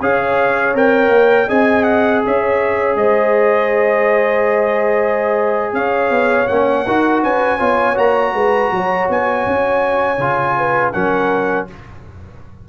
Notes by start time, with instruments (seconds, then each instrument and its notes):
0.00 tuba C#4, trombone G#4, horn C#5, trumpet F5
0.74 tuba C4, trombone A#4, trumpet G5
1.09 tuba A#3
1.48 tuba C4, trombone G#4, horn D#5, trumpet G#5
1.83 trumpet F#5
2.25 tuba C#4, horn C#5, trumpet E5
2.95 tuba G#3, horn C5, trumpet D#5
5.73 tuba C#4, horn C#5, trumpet F5
6.10 tuba B3
6.47 tuba A#3, trombone C#4, trumpet F#5
6.86 tuba D#4, trombone F#4, horn A#4
7.23 tuba C#4, horn B4, trumpet G#5
7.59 tuba B3, trombone F4, horn C#5
7.95 tuba A#3, trombone F#4, trumpet A#5
8.33 tuba G#3, horn B4
8.71 tuba F#3, horn C#5
9.09 tuba B3, trumpet G#5
9.46 tuba C#4
10.18 tuba C#3, trombone F4
10.57 horn B4
10.92 tuba F#3, trombone C#4, horn A#4, trumpet F#5